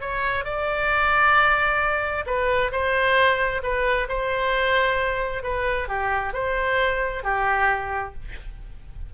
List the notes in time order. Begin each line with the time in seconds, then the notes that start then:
0.00 C#5
0.44 D5
2.26 B4
2.71 C5
3.63 B4
4.08 C5
5.43 B4
5.88 G4
6.33 C5
7.23 G4